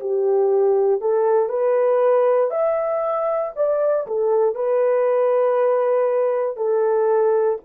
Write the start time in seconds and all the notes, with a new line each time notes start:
0.00 G4
1.01 A4
1.49 B4
2.50 E5
3.55 D5
4.07 A4
4.54 B4
6.56 A4